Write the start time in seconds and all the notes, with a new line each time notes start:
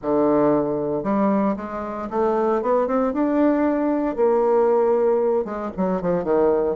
0.01 D3
1.03 G3
1.56 G#3
2.10 A3
2.62 B3
2.87 C4
3.13 D4
4.15 A#3
5.44 G#3
5.76 F#3
6.01 F3
6.24 D#3